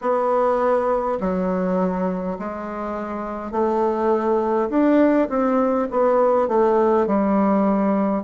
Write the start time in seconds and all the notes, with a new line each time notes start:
0.01 B3
1.20 F#3
2.39 G#3
3.51 A3
4.70 D4
5.29 C4
5.90 B3
6.48 A3
7.06 G3